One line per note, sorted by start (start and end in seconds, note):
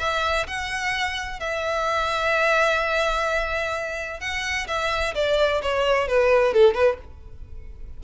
0.00 0.47 E5
0.48 1.40 F#5
1.40 4.21 E5
4.21 4.67 F#5
4.68 5.15 E5
5.15 5.62 D5
5.63 6.08 C#5
6.08 6.54 B4
6.54 6.75 A4
6.75 6.98 B4